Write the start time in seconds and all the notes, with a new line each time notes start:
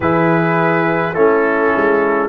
0.00 E3 E4 G#4 B4
1.13 A3 C#4 E4 A4
1.75 G#3